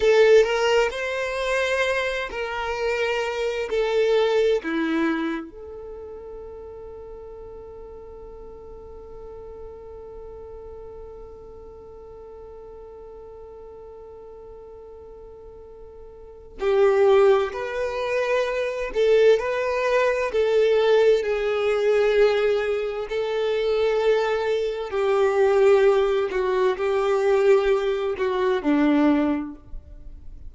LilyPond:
\new Staff \with { instrumentName = "violin" } { \time 4/4 \tempo 4 = 65 a'8 ais'8 c''4. ais'4. | a'4 e'4 a'2~ | a'1~ | a'1~ |
a'2 g'4 b'4~ | b'8 a'8 b'4 a'4 gis'4~ | gis'4 a'2 g'4~ | g'8 fis'8 g'4. fis'8 d'4 | }